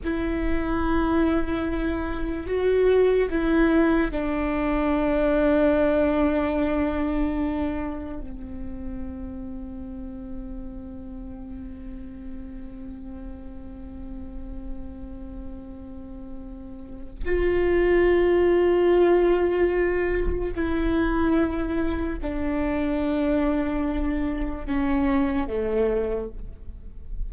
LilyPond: \new Staff \with { instrumentName = "viola" } { \time 4/4 \tempo 4 = 73 e'2. fis'4 | e'4 d'2.~ | d'2 c'2~ | c'1~ |
c'1~ | c'4 f'2.~ | f'4 e'2 d'4~ | d'2 cis'4 a4 | }